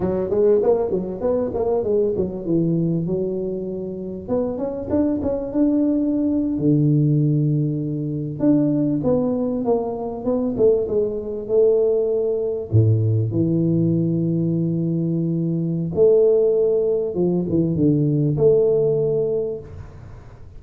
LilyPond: \new Staff \with { instrumentName = "tuba" } { \time 4/4 \tempo 4 = 98 fis8 gis8 ais8 fis8 b8 ais8 gis8 fis8 | e4 fis2 b8 cis'8 | d'8 cis'8 d'4.~ d'16 d4~ d16~ | d4.~ d16 d'4 b4 ais16~ |
ais8. b8 a8 gis4 a4~ a16~ | a8. a,4 e2~ e16~ | e2 a2 | f8 e8 d4 a2 | }